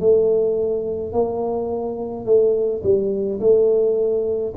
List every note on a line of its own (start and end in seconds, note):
0.00 1.13 A3
1.13 2.25 A#3
2.25 2.81 A3
2.83 3.40 G3
3.40 4.53 A3